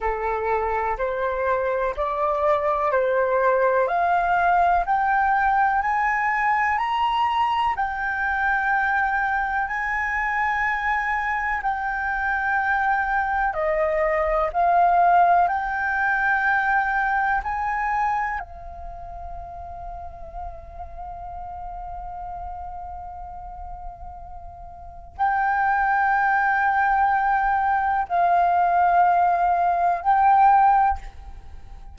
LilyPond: \new Staff \with { instrumentName = "flute" } { \time 4/4 \tempo 4 = 62 a'4 c''4 d''4 c''4 | f''4 g''4 gis''4 ais''4 | g''2 gis''2 | g''2 dis''4 f''4 |
g''2 gis''4 f''4~ | f''1~ | f''2 g''2~ | g''4 f''2 g''4 | }